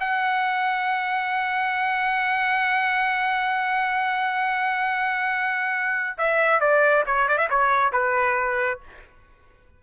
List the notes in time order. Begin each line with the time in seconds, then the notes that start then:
0.00 F#5
6.18 E5
6.60 D5
7.06 C#5
7.29 D5
7.38 E5
7.50 C#5
7.92 B4